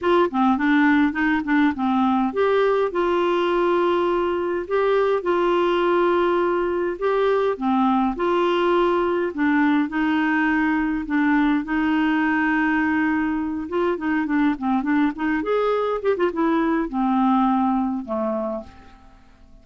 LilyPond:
\new Staff \with { instrumentName = "clarinet" } { \time 4/4 \tempo 4 = 103 f'8 c'8 d'4 dis'8 d'8 c'4 | g'4 f'2. | g'4 f'2. | g'4 c'4 f'2 |
d'4 dis'2 d'4 | dis'2.~ dis'8 f'8 | dis'8 d'8 c'8 d'8 dis'8 gis'4 g'16 f'16 | e'4 c'2 a4 | }